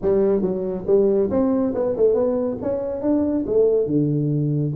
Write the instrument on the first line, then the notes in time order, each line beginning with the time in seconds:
tuba
0.01 G3
0.41 F#3
0.86 G3
1.30 C4
1.74 B3
1.96 A3
2.14 B3
2.62 C#4
3.01 D4
3.46 A3
3.86 D3